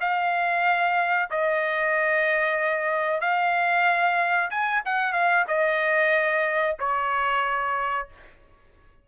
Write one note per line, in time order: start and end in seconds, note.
0.00 1.29 F5
1.30 3.21 D#5
3.21 4.50 F5
4.50 4.82 G#5
4.85 5.13 F#5
5.13 5.45 F5
5.48 6.77 D#5
6.79 8.08 C#5